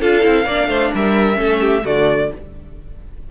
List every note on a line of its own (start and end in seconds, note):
0.00 0.24 D4
0.00 0.22 F4
0.00 0.45 A4
0.00 0.93 F5
0.22 0.45 C4
0.22 0.45 E4
0.45 0.67 A#3
0.45 1.34 D4
0.45 0.68 D5
0.67 0.90 A3
0.67 0.91 C5
0.94 1.38 G3
0.94 1.38 A#4
0.94 1.85 E5
1.34 1.84 A3
1.34 1.80 C#4
1.34 1.60 A4
1.60 1.83 G4
1.84 2.31 D3
1.84 2.31 A3
1.84 2.30 F#4
1.84 2.31 D5